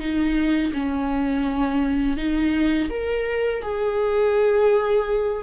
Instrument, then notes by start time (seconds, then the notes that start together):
viola
0.00 D#4
0.73 C#4
2.17 D#4
2.90 A#4
3.62 G#4